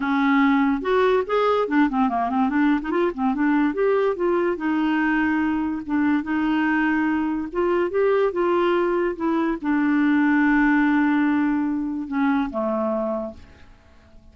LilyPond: \new Staff \with { instrumentName = "clarinet" } { \time 4/4 \tempo 4 = 144 cis'2 fis'4 gis'4 | d'8 c'8 ais8 c'8 d'8. dis'16 f'8 c'8 | d'4 g'4 f'4 dis'4~ | dis'2 d'4 dis'4~ |
dis'2 f'4 g'4 | f'2 e'4 d'4~ | d'1~ | d'4 cis'4 a2 | }